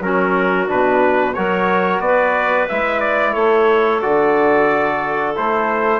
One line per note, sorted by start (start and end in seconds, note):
0.00 0.67 F#3
0.00 0.67 C#4
0.00 1.35 F#4
0.00 0.69 A#4
0.67 1.37 B2
0.67 1.34 D4
0.67 1.33 B4
1.33 1.99 F#3
1.33 2.69 F#4
1.33 2.02 A#4
1.33 2.00 C#5
1.99 2.66 B3
1.99 3.32 B4
1.99 2.67 D5
2.68 3.35 G#3
2.68 4.01 E4
2.68 3.00 E5
3.00 3.33 D5
3.32 4.01 A3
3.32 5.99 A4
3.32 4.00 C#5
4.01 5.37 D3
4.01 5.35 F#4
4.01 5.35 D5
5.35 5.99 A3
5.35 5.99 E4
5.35 5.99 C5